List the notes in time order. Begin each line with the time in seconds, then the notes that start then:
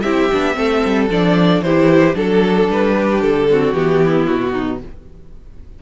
0.00 C4 E4 G4 E5
0.31 B3 D4
0.54 A3 C4 A4
0.85 G3
1.10 F3 D4 D5
1.61 E3 E4 G4 C5
2.14 F#3 D4 A4
2.68 G3 B4
2.95 G4
3.21 D3 A4
3.51 C4 F#4
3.73 E3 B3 G4
4.04 E4
4.26 B2 F#4
4.52 D#4